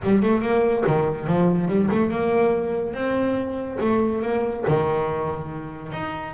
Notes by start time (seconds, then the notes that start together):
0.03 G3
0.22 A3
0.41 A#3
0.86 D#3
1.27 F3
1.67 G3
1.91 A3
2.10 A#3
2.93 C4
3.80 A3
4.22 A#3
4.67 D#3
5.92 D#4